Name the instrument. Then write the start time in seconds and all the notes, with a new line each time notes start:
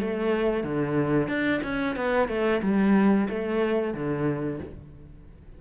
cello
0.00 A3
0.63 D3
1.28 D4
1.63 C#4
1.96 B3
2.28 A3
2.62 G3
3.29 A3
3.94 D3